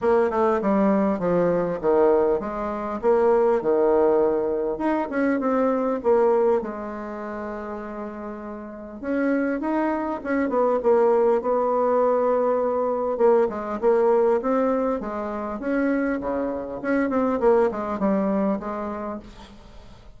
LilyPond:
\new Staff \with { instrumentName = "bassoon" } { \time 4/4 \tempo 4 = 100 ais8 a8 g4 f4 dis4 | gis4 ais4 dis2 | dis'8 cis'8 c'4 ais4 gis4~ | gis2. cis'4 |
dis'4 cis'8 b8 ais4 b4~ | b2 ais8 gis8 ais4 | c'4 gis4 cis'4 cis4 | cis'8 c'8 ais8 gis8 g4 gis4 | }